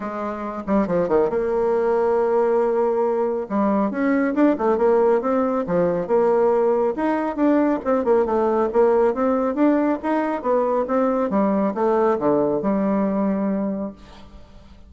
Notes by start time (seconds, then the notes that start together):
0.00 G#3
0.67 G3
0.87 F3
1.08 D#3
1.29 A#3
3.49 G3
3.90 C#4
4.34 D4
4.58 A3
4.77 A#3
5.21 C4
5.66 F3
6.07 A#3
6.96 D#4
7.36 D4
7.84 C4
8.04 A#3
8.25 A3
8.73 A#3
9.13 C4
9.55 D4
10.02 D#4
10.42 B3
10.87 C4
11.30 G3
11.74 A3
12.18 D3
12.62 G3